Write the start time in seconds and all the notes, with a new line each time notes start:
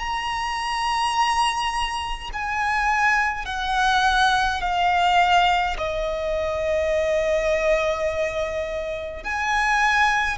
0.00 A#5
2.33 G#5
3.46 F#5
4.62 F5
5.78 D#5
9.24 G#5